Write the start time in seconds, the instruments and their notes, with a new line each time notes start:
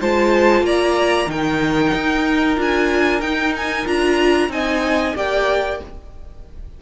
0.00 cello G#3, viola F4, violin C5 A5
0.62 cello A#3, violin D5 A#5
1.28 cello D#3, viola D#4, violin A#4 G5
1.94 cello D#4
2.56 cello D4, viola F4, violin G#5
3.21 cello D#4, viola D#4, violin G5
3.57 violin G#5
3.86 cello D4, viola F4, violin A#5
4.49 cello C4, viola D#4, violin D#5 G#5
5.16 cello A#3, viola G4, violin D5 G5